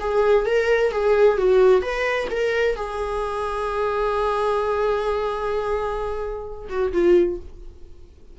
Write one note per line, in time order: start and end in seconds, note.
0.00 0.46 G#4
0.46 0.92 A#4
0.92 1.38 G#4
1.38 1.82 F#4
1.82 2.28 B4
2.31 2.76 A#4
2.76 6.69 G#4
6.69 6.93 F#4
6.93 7.39 F4